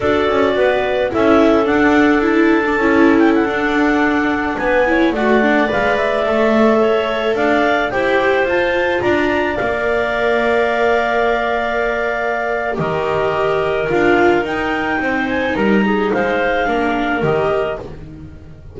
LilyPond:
<<
  \new Staff \with { instrumentName = "clarinet" } { \time 4/4 \tempo 4 = 108 d''2 e''4 fis''4 | a''4.~ a''16 g''16 fis''2~ | fis''16 gis''4 fis''4 f''8 e''4~ e''16~ | e''4~ e''16 f''4 g''4 a''8.~ |
a''16 ais''4 f''2~ f''8.~ | f''2. dis''4~ | dis''4 f''4 g''4. gis''8 | ais''4 f''2 dis''4 | }
  \new Staff \with { instrumentName = "clarinet" } { \time 4/4 a'4 b'4 a'2~ | a'1~ | a'16 b'8 cis''8 d''2~ d''8.~ | d''16 cis''4 d''4 c''4.~ c''16~ |
c''16 d''2.~ d''8.~ | d''2. ais'4~ | ais'2. c''4 | ais'8 gis'8 c''4 ais'2 | }
  \new Staff \with { instrumentName = "viola" } { \time 4/4 fis'2 e'4 d'4 | e'8. d'16 e'4~ e'16 d'4.~ d'16~ | d'8. e'8 fis'8 d'8 b'4 a'8.~ | a'2~ a'16 g'4 f'8.~ |
f'4~ f'16 ais'2~ ais'8.~ | ais'2. g'4~ | g'4 f'4 dis'2~ | dis'2 d'4 g'4 | }
  \new Staff \with { instrumentName = "double bass" } { \time 4/4 d'8 cis'8 b4 cis'4 d'4~ | d'4 cis'4~ cis'16 d'4.~ d'16~ | d'16 b4 a4 gis4 a8.~ | a4~ a16 d'4 e'4 f'8.~ |
f'16 d'4 ais2~ ais8.~ | ais2. dis4~ | dis4 d'4 dis'4 c'4 | g4 gis4 ais4 dis4 | }
>>